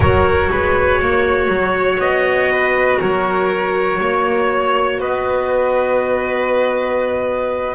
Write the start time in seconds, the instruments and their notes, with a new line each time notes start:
0.00 double bass F#3, clarinet F#4, violin A#4, trumpet C#5
0.51 double bass G#3, violin B4
1.00 double bass A#3, violin C#5
1.48 double bass F#3
1.99 double bass B3, trumpet D#5
2.51 violin B4
2.99 double bass F#3, violin A#4, trumpet C#5
4.00 double bass A#3, violin C#5
4.99 double bass B3, violin B4, trumpet D#5